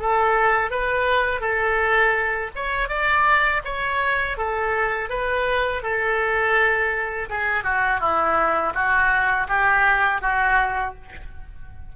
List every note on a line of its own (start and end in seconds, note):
0.00 0.71 A4
0.71 1.41 B4
1.41 2.51 A4
2.56 2.89 C#5
2.89 3.62 D5
3.65 4.38 C#5
4.38 5.10 A4
5.10 5.83 B4
5.83 7.29 A4
7.30 7.64 G#4
7.64 8.01 F#4
8.01 8.74 E4
8.74 9.48 F#4
9.49 10.22 G4
10.22 10.95 F#4